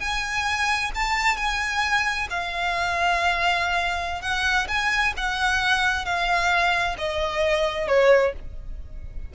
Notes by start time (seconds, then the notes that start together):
0.00 G#5
0.95 A5
1.37 G#5
2.30 F5
4.21 F#5
4.68 G#5
5.17 F#5
6.05 F5
6.98 D#5
7.87 C#5